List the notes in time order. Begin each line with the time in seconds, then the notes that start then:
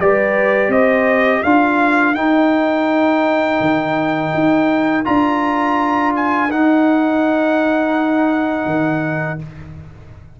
0.00 G3 G4 B4 D5
0.68 C4 C5 D#5
1.42 D4 F4 A#4 F5
2.14 D#4 G5
3.61 D#3
4.34 D#4
5.04 D4 F4 A#5
6.16 G#5
6.50 D#4 F#5
8.65 D#3